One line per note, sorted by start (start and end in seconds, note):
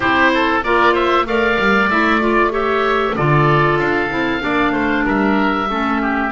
0.00 0.63 C4
0.00 0.62 E4
0.00 0.31 G4
0.00 0.59 C5
0.33 0.64 A4
0.63 1.25 A#3
0.63 1.26 F4
0.63 0.92 A#4
0.63 0.94 D5
0.92 1.24 C5
0.92 1.26 E5
1.25 1.57 A3
1.25 1.89 A#4
1.25 2.52 D5
1.25 1.89 F5
1.58 1.90 G3
1.89 3.16 A3
1.89 2.19 E4
1.89 2.20 E5
2.19 2.50 F4
2.19 2.52 D5
2.50 3.14 G4
2.50 3.15 C#5
2.50 3.16 E5
3.16 3.78 D3
3.16 4.09 F4
3.16 4.43 A4
3.16 3.79 D5
3.78 4.09 D4
3.78 5.05 F5
4.09 4.41 C4
4.09 4.39 E4
4.39 4.73 A#3
4.39 5.66 D4
4.39 4.72 D5
4.72 5.04 A3
4.72 5.04 C5
5.05 5.69 G3
5.05 5.68 A#4
5.05 6.31 E5
5.69 6.31 A3
5.69 6.31 C#4
5.69 6.01 A4
6.01 6.31 G4